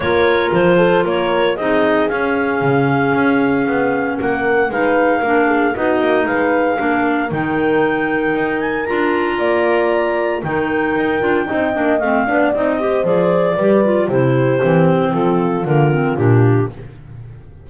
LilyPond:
<<
  \new Staff \with { instrumentName = "clarinet" } { \time 4/4 \tempo 4 = 115 cis''4 c''4 cis''4 dis''4 | f''1 | fis''4 f''2 dis''4 | f''2 g''2~ |
g''8 gis''8 ais''2. | g''2. f''4 | dis''4 d''2 c''4~ | c''4 a'4 ais'4 g'4 | }
  \new Staff \with { instrumentName = "horn" } { \time 4/4 ais'4. a'8 ais'4 gis'4~ | gis'1 | ais'4 b'4 ais'8 gis'8 fis'4 | b'4 ais'2.~ |
ais'2 d''2 | ais'2 dis''4. d''8~ | d''8 c''4. b'4 g'4~ | g'4 f'2. | }
  \new Staff \with { instrumentName = "clarinet" } { \time 4/4 f'2. dis'4 | cis'1~ | cis'4 dis'4 d'4 dis'4~ | dis'4 d'4 dis'2~ |
dis'4 f'2. | dis'4. f'8 dis'8 d'8 c'8 d'8 | dis'8 g'8 gis'4 g'8 f'8 e'4 | c'2 ais8 c'8 d'4 | }
  \new Staff \with { instrumentName = "double bass" } { \time 4/4 ais4 f4 ais4 c'4 | cis'4 cis4 cis'4 b4 | ais4 gis4 ais4 b8 ais8 | gis4 ais4 dis2 |
dis'4 d'4 ais2 | dis4 dis'8 d'8 c'8 ais8 a8 b8 | c'4 f4 g4 c4 | e4 f4 d4 ais,4 | }
>>